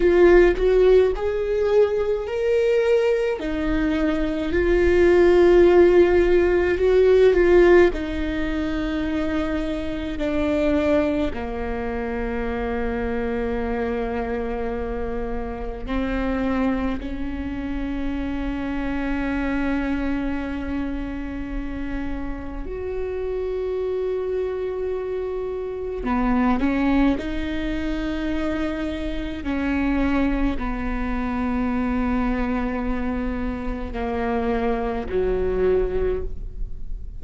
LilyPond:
\new Staff \with { instrumentName = "viola" } { \time 4/4 \tempo 4 = 53 f'8 fis'8 gis'4 ais'4 dis'4 | f'2 fis'8 f'8 dis'4~ | dis'4 d'4 ais2~ | ais2 c'4 cis'4~ |
cis'1 | fis'2. b8 cis'8 | dis'2 cis'4 b4~ | b2 ais4 fis4 | }